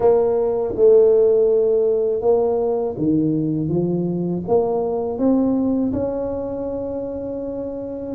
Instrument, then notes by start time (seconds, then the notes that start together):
tuba
0.00 A#3
0.76 A3
2.21 A#3
2.97 D#3
3.68 F3
4.47 A#3
5.18 C4
5.93 C#4